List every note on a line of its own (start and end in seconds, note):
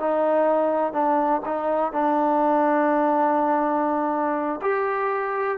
0.00 0.93 D#4
0.93 1.42 D4
1.45 1.93 D#4
1.93 4.61 D4
4.62 5.59 G4